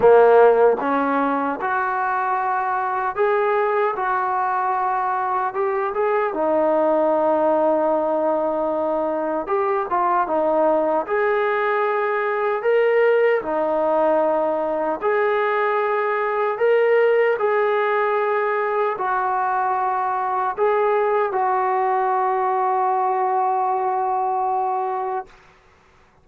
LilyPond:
\new Staff \with { instrumentName = "trombone" } { \time 4/4 \tempo 4 = 76 ais4 cis'4 fis'2 | gis'4 fis'2 g'8 gis'8 | dis'1 | g'8 f'8 dis'4 gis'2 |
ais'4 dis'2 gis'4~ | gis'4 ais'4 gis'2 | fis'2 gis'4 fis'4~ | fis'1 | }